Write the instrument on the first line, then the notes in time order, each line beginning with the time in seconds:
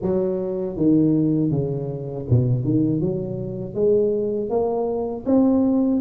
tuba
0.02 F#3
0.76 D#3
1.50 C#3
2.29 B2
2.64 D#3
3.00 F#3
3.74 G#3
4.49 A#3
5.25 C4